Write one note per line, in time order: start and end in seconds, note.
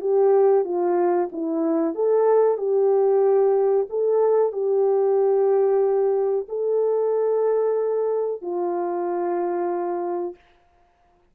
0.00 0.64 G4
0.64 1.28 F4
1.31 1.94 E4
1.94 2.57 A4
2.57 3.86 G4
3.89 4.52 A4
4.52 6.45 G4
6.48 8.41 A4
8.41 10.35 F4